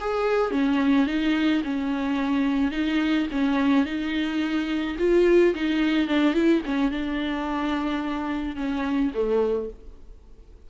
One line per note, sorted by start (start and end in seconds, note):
0.00 0.51 G#4
0.51 1.06 C#4
1.07 1.62 D#4
1.63 2.71 C#4
2.71 3.27 D#4
3.31 3.85 C#4
3.85 4.96 D#4
4.98 5.54 F4
5.55 6.08 D#4
6.08 6.34 D4
6.34 6.61 E4
6.65 6.91 C#4
6.91 8.56 D4
8.56 9.11 C#4
9.14 9.70 A3